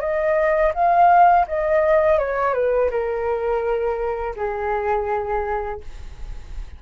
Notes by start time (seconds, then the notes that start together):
0.00 D#5
0.74 F5
1.47 D#5
2.18 C#5
2.54 B4
2.90 A#4
4.36 G#4